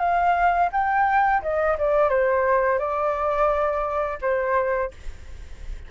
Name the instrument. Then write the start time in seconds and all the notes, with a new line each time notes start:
flute
0.00 F5
0.72 G5
1.42 D#5
1.78 D5
2.10 C5
2.79 D5
4.21 C5